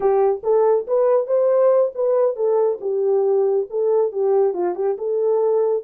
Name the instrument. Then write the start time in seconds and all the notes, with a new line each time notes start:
horn
0.00 G4
0.43 A4
0.87 B4
1.26 C5
1.94 B4
2.35 A4
2.81 G4
3.70 A4
4.12 G4
4.53 F4
4.75 G4
4.98 A4